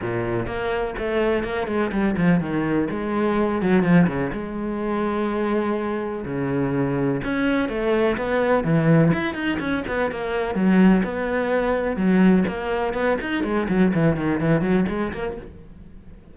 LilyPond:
\new Staff \with { instrumentName = "cello" } { \time 4/4 \tempo 4 = 125 ais,4 ais4 a4 ais8 gis8 | g8 f8 dis4 gis4. fis8 | f8 cis8 gis2.~ | gis4 cis2 cis'4 |
a4 b4 e4 e'8 dis'8 | cis'8 b8 ais4 fis4 b4~ | b4 fis4 ais4 b8 dis'8 | gis8 fis8 e8 dis8 e8 fis8 gis8 ais8 | }